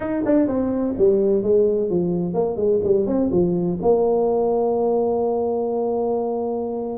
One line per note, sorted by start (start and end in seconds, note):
0.00 0.23 D#4
0.25 0.47 D4
0.47 0.94 C4
0.98 1.42 G3
1.42 1.89 G#3
1.89 2.34 F3
2.34 2.56 A#3
2.56 2.80 G#3
2.83 3.06 G3
3.06 3.30 C4
3.31 3.78 F3
3.82 6.98 A#3